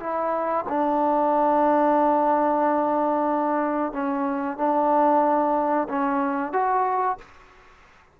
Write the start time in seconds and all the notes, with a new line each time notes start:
0.00 E4
0.69 D4
3.93 C#4
4.57 D4
5.89 C#4
6.53 F#4